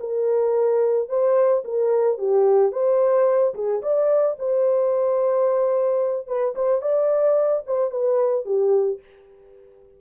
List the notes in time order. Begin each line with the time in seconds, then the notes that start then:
0.00 A#4
1.09 C5
1.65 A#4
2.18 G4
2.72 C5
3.55 G#4
3.82 D5
4.39 C5
6.27 B4
6.55 C5
6.82 D5
7.67 C5
7.91 B4
8.45 G4